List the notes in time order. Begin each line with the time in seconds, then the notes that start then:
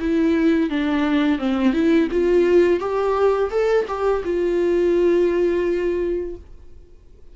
0.00 E4
0.70 D4
1.39 C4
1.73 E4
2.12 F4
2.80 G4
3.51 A4
3.88 G4
4.25 F4